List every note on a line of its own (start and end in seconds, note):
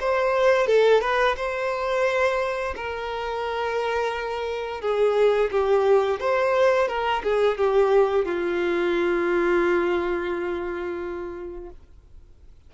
0.00 0.67 C5
0.67 1.01 A4
1.01 1.35 B4
1.36 2.74 C5
2.76 4.81 A#4
4.81 5.50 G#4
5.51 6.20 G4
6.20 6.88 C5
6.88 7.22 A#4
7.23 7.57 G#4
7.57 8.25 G4
8.25 11.70 F4